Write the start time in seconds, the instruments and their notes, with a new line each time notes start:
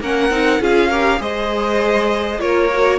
0.00 cello A#3, viola C#4, violin A#4 F#5
0.29 cello C4, viola D#4
0.60 cello C#4, viola F4, violin G#4 F5
0.89 viola G4, violin A#4
1.18 cello G#3, viola G#4, violin C5 D#5
2.39 cello A#3, viola F4, violin A#4 C#5
2.73 viola F#4